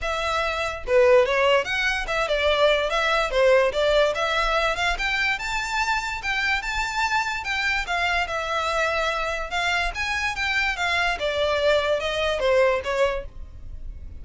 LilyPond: \new Staff \with { instrumentName = "violin" } { \time 4/4 \tempo 4 = 145 e''2 b'4 cis''4 | fis''4 e''8 d''4. e''4 | c''4 d''4 e''4. f''8 | g''4 a''2 g''4 |
a''2 g''4 f''4 | e''2. f''4 | gis''4 g''4 f''4 d''4~ | d''4 dis''4 c''4 cis''4 | }